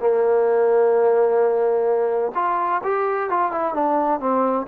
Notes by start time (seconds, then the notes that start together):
0.00 A#3
2.35 F4
2.84 G4
3.30 F4
3.52 E4
3.74 D4
4.20 C4